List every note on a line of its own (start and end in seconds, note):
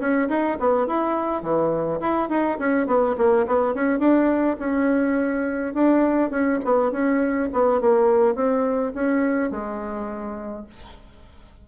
0.00 0.29 C#4
0.29 0.58 D#4
0.60 0.87 B3
0.87 1.43 E4
1.43 2.00 E3
2.01 2.29 E4
2.29 2.58 D#4
2.59 2.87 C#4
2.87 3.16 B3
3.18 3.47 A#3
3.47 3.75 B3
3.75 4.00 C#4
4.00 4.57 D4
4.60 5.75 C#4
5.75 6.31 D4
6.31 6.60 C#4
6.65 6.92 B3
6.92 7.50 C#4
7.53 7.81 B3
7.81 8.36 A#3
8.36 8.93 C4
8.95 9.51 C#4
9.51 10.67 G#3